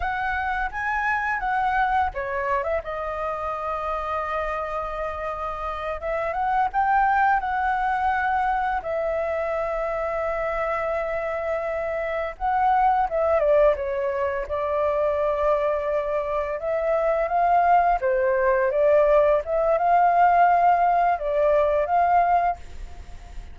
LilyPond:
\new Staff \with { instrumentName = "flute" } { \time 4/4 \tempo 4 = 85 fis''4 gis''4 fis''4 cis''8. e''16 | dis''1~ | dis''8 e''8 fis''8 g''4 fis''4.~ | fis''8 e''2.~ e''8~ |
e''4. fis''4 e''8 d''8 cis''8~ | cis''8 d''2. e''8~ | e''8 f''4 c''4 d''4 e''8 | f''2 d''4 f''4 | }